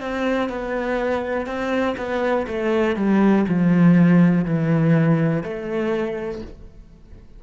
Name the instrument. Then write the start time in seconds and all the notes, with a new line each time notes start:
cello
0.00 C4
0.49 B3
1.46 C4
1.97 B3
2.47 A3
2.96 G3
3.48 F3
4.44 E3
5.43 A3